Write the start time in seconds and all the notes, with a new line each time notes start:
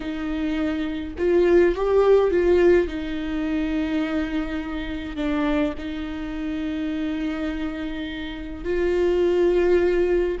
0.00 D#4
1.17 F4
1.75 G4
2.31 F4
2.87 D#4
5.16 D4
5.77 D#4
8.64 F4